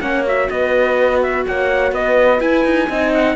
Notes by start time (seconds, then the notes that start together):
0.00 A#3 C#4 C#5 F#5
0.26 F#4 E5
0.49 B3 B4 D#5
1.22 E5
1.47 A#3 C#5 F#5
1.91 B3 B4 D#5
2.40 E4 G#5
2.64 D#4
2.89 C4 D#4 D#5
3.13 F#5